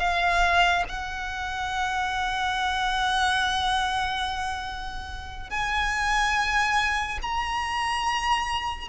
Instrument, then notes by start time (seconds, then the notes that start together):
violin
0.00 F5
0.89 F#5
5.50 G#5
7.23 A#5